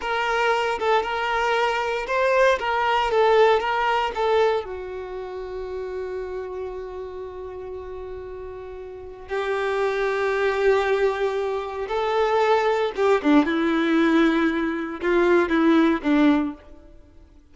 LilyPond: \new Staff \with { instrumentName = "violin" } { \time 4/4 \tempo 4 = 116 ais'4. a'8 ais'2 | c''4 ais'4 a'4 ais'4 | a'4 fis'2.~ | fis'1~ |
fis'2 g'2~ | g'2. a'4~ | a'4 g'8 d'8 e'2~ | e'4 f'4 e'4 d'4 | }